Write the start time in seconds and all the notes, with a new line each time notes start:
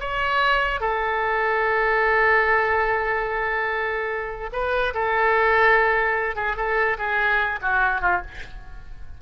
0.00 C#5
0.80 A4
4.52 B4
4.94 A4
6.35 G#4
6.56 A4
6.98 G#4
7.62 F#4
8.01 F4